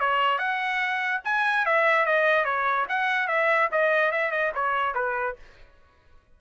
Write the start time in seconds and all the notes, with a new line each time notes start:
0.00 C#5
0.39 F#5
1.25 G#5
1.66 E5
2.06 D#5
2.45 C#5
2.89 F#5
3.28 E5
3.72 D#5
4.12 E5
4.32 D#5
4.55 C#5
4.95 B4